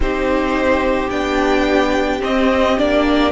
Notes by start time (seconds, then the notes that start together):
0.00 C4 D#4 G4 C5
1.10 B3 D4 G5
2.20 C4 D#5
2.77 A#3 D4 D5